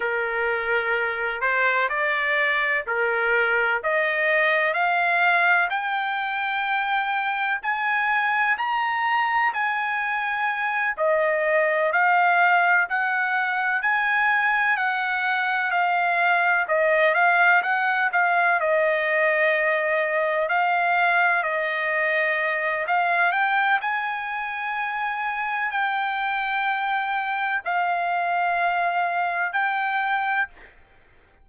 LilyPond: \new Staff \with { instrumentName = "trumpet" } { \time 4/4 \tempo 4 = 63 ais'4. c''8 d''4 ais'4 | dis''4 f''4 g''2 | gis''4 ais''4 gis''4. dis''8~ | dis''8 f''4 fis''4 gis''4 fis''8~ |
fis''8 f''4 dis''8 f''8 fis''8 f''8 dis''8~ | dis''4. f''4 dis''4. | f''8 g''8 gis''2 g''4~ | g''4 f''2 g''4 | }